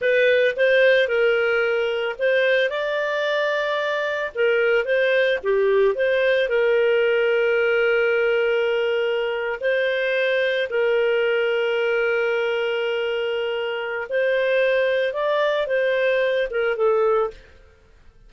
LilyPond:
\new Staff \with { instrumentName = "clarinet" } { \time 4/4 \tempo 4 = 111 b'4 c''4 ais'2 | c''4 d''2. | ais'4 c''4 g'4 c''4 | ais'1~ |
ais'4.~ ais'16 c''2 ais'16~ | ais'1~ | ais'2 c''2 | d''4 c''4. ais'8 a'4 | }